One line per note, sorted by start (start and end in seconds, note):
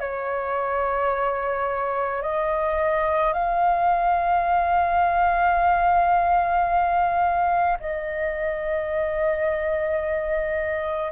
0.00 2.22 C#5
2.22 3.33 D#5
3.33 7.78 F5
7.80 11.12 D#5